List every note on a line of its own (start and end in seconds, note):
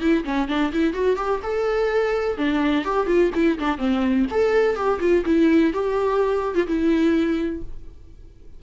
0.00 0.24 E4
0.24 0.48 C#4
0.48 0.71 D4
0.73 0.94 E4
0.94 1.16 F#4
1.16 1.40 G4
1.42 2.37 A4
2.37 2.84 D4
2.84 3.07 G4
3.07 3.31 F4
3.34 3.58 E4
3.58 3.78 D4
3.78 4.26 C4
4.31 4.76 A4
4.76 4.99 G4
5.00 5.24 F4
5.25 5.73 E4
5.73 6.55 G4
6.55 6.67 F4
6.67 7.62 E4